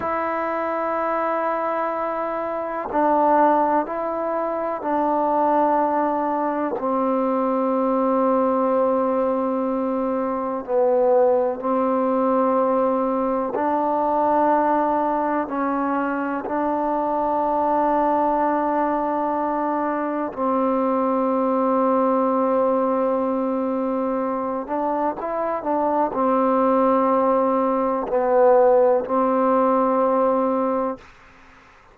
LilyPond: \new Staff \with { instrumentName = "trombone" } { \time 4/4 \tempo 4 = 62 e'2. d'4 | e'4 d'2 c'4~ | c'2. b4 | c'2 d'2 |
cis'4 d'2.~ | d'4 c'2.~ | c'4. d'8 e'8 d'8 c'4~ | c'4 b4 c'2 | }